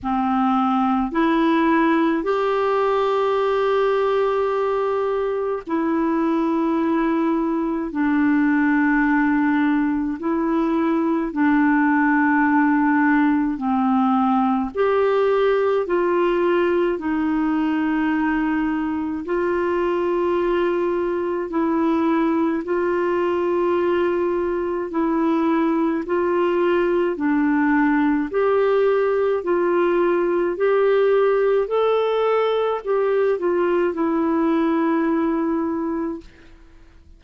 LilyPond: \new Staff \with { instrumentName = "clarinet" } { \time 4/4 \tempo 4 = 53 c'4 e'4 g'2~ | g'4 e'2 d'4~ | d'4 e'4 d'2 | c'4 g'4 f'4 dis'4~ |
dis'4 f'2 e'4 | f'2 e'4 f'4 | d'4 g'4 f'4 g'4 | a'4 g'8 f'8 e'2 | }